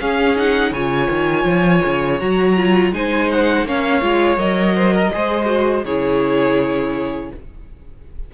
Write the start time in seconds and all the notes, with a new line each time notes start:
0.00 C#4 G#4 F5
0.36 D#4 F#5
0.71 C#3 F4 C#5 G#5
1.10 D#3
1.44 F3
1.85 C#3
2.19 F#3 F#4 A#5
2.57 F4
2.93 G#3 D#4 C5 G#5
3.31 F#5
3.65 A#3 C#4 C#5 F5
4.01 G#3 F4
4.37 F#3 A#4 D#5
4.76 C5
4.94 A#4
5.13 G#3 G#4 C5
5.45 F#4
5.84 C#3 E4 G#4 C#5